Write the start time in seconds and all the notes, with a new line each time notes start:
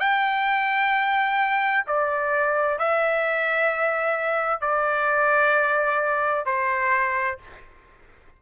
0.00 G5
1.87 D5
2.79 E5
4.61 D5
6.46 C5